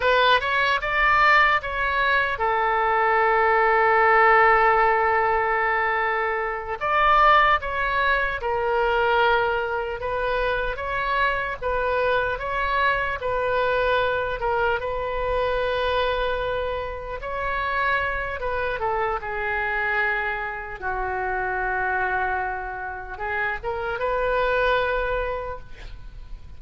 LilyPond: \new Staff \with { instrumentName = "oboe" } { \time 4/4 \tempo 4 = 75 b'8 cis''8 d''4 cis''4 a'4~ | a'1~ | a'8 d''4 cis''4 ais'4.~ | ais'8 b'4 cis''4 b'4 cis''8~ |
cis''8 b'4. ais'8 b'4.~ | b'4. cis''4. b'8 a'8 | gis'2 fis'2~ | fis'4 gis'8 ais'8 b'2 | }